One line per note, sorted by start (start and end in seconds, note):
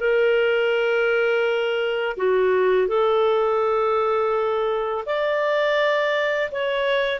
0.00 2.17 A#4
2.17 2.88 F#4
2.88 5.05 A4
5.06 6.51 D5
6.51 7.20 C#5